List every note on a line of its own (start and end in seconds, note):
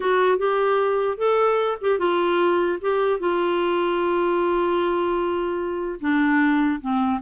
0.00 0.37 F#4
0.37 1.17 G4
1.17 1.77 A4
1.81 1.99 G4
1.99 2.79 F4
2.81 3.19 G4
3.19 5.99 F4
6.00 6.80 D4
6.80 7.20 C4